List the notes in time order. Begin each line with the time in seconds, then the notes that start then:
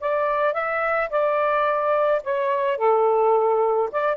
0.00 D5
0.53 E5
1.10 D5
2.23 C#5
2.77 A4
3.92 D5